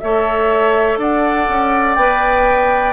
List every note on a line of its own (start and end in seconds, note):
0.00 0.98 A3
0.00 1.99 A4
0.00 0.99 C#5
0.00 0.98 E5
0.98 1.47 D4
0.98 2.93 D5
0.98 1.95 F#5
1.49 1.97 C#4
1.95 2.93 B3
1.95 2.93 B4
1.95 2.93 G5